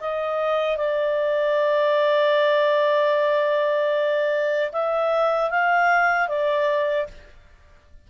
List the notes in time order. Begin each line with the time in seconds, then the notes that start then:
0.00 D#5
0.76 D5
4.72 E5
5.50 F5
6.28 D5